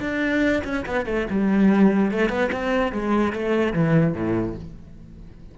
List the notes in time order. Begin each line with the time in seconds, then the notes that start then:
0.00 D4
0.64 C#4
0.85 B3
1.06 A3
1.30 G3
2.11 A3
2.29 B3
2.51 C4
2.92 G#3
3.32 A3
3.73 E3
4.14 A2